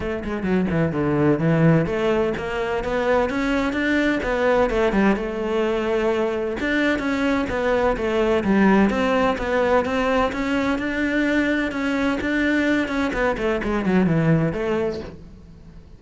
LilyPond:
\new Staff \with { instrumentName = "cello" } { \time 4/4 \tempo 4 = 128 a8 gis8 fis8 e8 d4 e4 | a4 ais4 b4 cis'4 | d'4 b4 a8 g8 a4~ | a2 d'4 cis'4 |
b4 a4 g4 c'4 | b4 c'4 cis'4 d'4~ | d'4 cis'4 d'4. cis'8 | b8 a8 gis8 fis8 e4 a4 | }